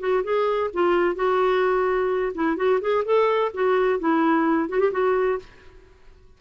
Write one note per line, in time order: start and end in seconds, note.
0.00 0.23 F#4
0.24 0.71 G#4
0.74 1.16 F4
1.16 2.33 F#4
2.35 2.57 E4
2.57 2.80 F#4
2.81 3.04 G#4
3.05 3.52 A4
3.54 4.00 F#4
4.00 4.69 E4
4.69 4.80 F#4
4.80 4.92 G4
4.92 5.39 F#4